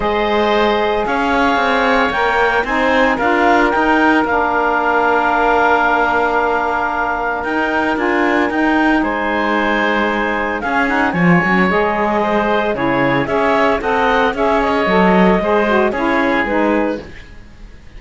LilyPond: <<
  \new Staff \with { instrumentName = "clarinet" } { \time 4/4 \tempo 4 = 113 dis''2 f''2 | g''4 gis''4 f''4 g''4 | f''1~ | f''2 g''4 gis''4 |
g''4 gis''2. | f''8 fis''8 gis''4 dis''2 | cis''4 e''4 fis''4 e''8 dis''8~ | dis''2 cis''4 b'4 | }
  \new Staff \with { instrumentName = "oboe" } { \time 4/4 c''2 cis''2~ | cis''4 c''4 ais'2~ | ais'1~ | ais'1~ |
ais'4 c''2. | gis'4 cis''2 c''4 | gis'4 cis''4 dis''4 cis''4~ | cis''4 c''4 gis'2 | }
  \new Staff \with { instrumentName = "saxophone" } { \time 4/4 gis'1 | ais'4 dis'4 f'4 dis'4 | d'1~ | d'2 dis'4 f'4 |
dis'1 | cis'8 dis'8 f'8 cis'8 gis'2 | e'4 gis'4 a'4 gis'4 | a'4 gis'8 fis'8 e'4 dis'4 | }
  \new Staff \with { instrumentName = "cello" } { \time 4/4 gis2 cis'4 c'4 | ais4 c'4 d'4 dis'4 | ais1~ | ais2 dis'4 d'4 |
dis'4 gis2. | cis'4 f8 fis8 gis2 | cis4 cis'4 c'4 cis'4 | fis4 gis4 cis'4 gis4 | }
>>